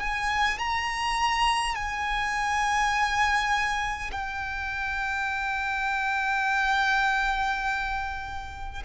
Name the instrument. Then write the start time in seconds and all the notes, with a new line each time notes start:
violin
0.00 G#5
0.59 A#5
1.75 G#5
4.12 G5